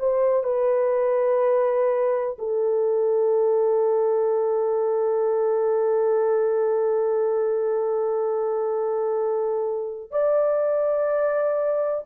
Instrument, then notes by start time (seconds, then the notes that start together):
horn
0.00 C5
0.44 B4
2.39 A4
10.11 D5